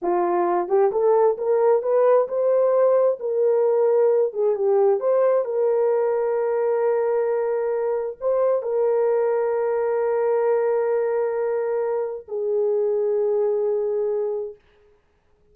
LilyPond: \new Staff \with { instrumentName = "horn" } { \time 4/4 \tempo 4 = 132 f'4. g'8 a'4 ais'4 | b'4 c''2 ais'4~ | ais'4. gis'8 g'4 c''4 | ais'1~ |
ais'2 c''4 ais'4~ | ais'1~ | ais'2. gis'4~ | gis'1 | }